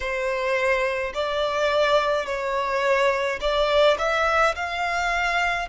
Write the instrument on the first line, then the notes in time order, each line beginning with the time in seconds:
violin
0.00 C5
1.14 D5
2.26 C#5
3.40 D5
3.98 E5
4.55 F5